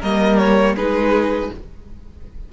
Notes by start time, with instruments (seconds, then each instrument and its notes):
0.00 cello G3, viola A#3, violin A#4 D#5
0.38 violin C#5
0.75 cello G#3, viola D#4, violin G#4 B4